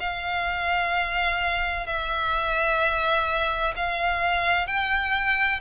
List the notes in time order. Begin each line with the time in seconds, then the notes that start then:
0.00 F5
1.87 E5
3.77 F5
4.67 G5